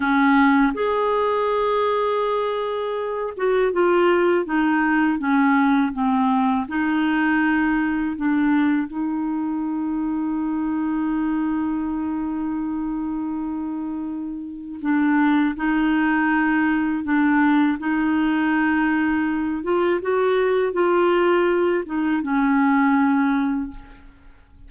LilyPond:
\new Staff \with { instrumentName = "clarinet" } { \time 4/4 \tempo 4 = 81 cis'4 gis'2.~ | gis'8 fis'8 f'4 dis'4 cis'4 | c'4 dis'2 d'4 | dis'1~ |
dis'1 | d'4 dis'2 d'4 | dis'2~ dis'8 f'8 fis'4 | f'4. dis'8 cis'2 | }